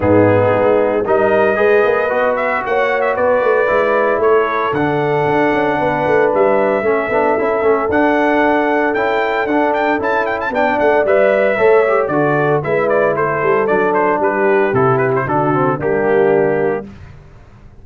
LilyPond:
<<
  \new Staff \with { instrumentName = "trumpet" } { \time 4/4 \tempo 4 = 114 gis'2 dis''2~ | dis''8 e''8 fis''8. e''16 d''2 | cis''4 fis''2. | e''2. fis''4~ |
fis''4 g''4 fis''8 g''8 a''8 g''16 a''16 | g''8 fis''8 e''2 d''4 | e''8 d''8 c''4 d''8 c''8 b'4 | a'8 b'16 c''16 a'4 g'2 | }
  \new Staff \with { instrumentName = "horn" } { \time 4/4 dis'2 ais'4 b'4~ | b'4 cis''4 b'2 | a'2. b'4~ | b'4 a'2.~ |
a'1 | d''2 cis''4 a'4 | b'4 a'2 g'4~ | g'4 fis'4 d'2 | }
  \new Staff \with { instrumentName = "trombone" } { \time 4/4 b2 dis'4 gis'4 | fis'2. e'4~ | e'4 d'2.~ | d'4 cis'8 d'8 e'8 cis'8 d'4~ |
d'4 e'4 d'4 e'4 | d'4 b'4 a'8 g'8 fis'4 | e'2 d'2 | e'4 d'8 c'8 ais2 | }
  \new Staff \with { instrumentName = "tuba" } { \time 4/4 gis,4 gis4 g4 gis8 ais8 | b4 ais4 b8 a8 gis4 | a4 d4 d'8 cis'8 b8 a8 | g4 a8 b8 cis'8 a8 d'4~ |
d'4 cis'4 d'4 cis'4 | b8 a8 g4 a4 d4 | gis4 a8 g8 fis4 g4 | c4 d4 g2 | }
>>